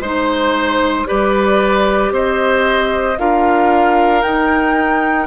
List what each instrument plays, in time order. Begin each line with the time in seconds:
0.00 bassoon G#3, clarinet D#4, oboe C5, flute C5
1.06 bassoon G3, clarinet G4, oboe B4, flute D5
2.11 bassoon C4, oboe C5, flute D#5
3.19 bassoon D4, clarinet F4, oboe A#4, flute F5
4.23 clarinet D#4, bassoon D#4, flute G5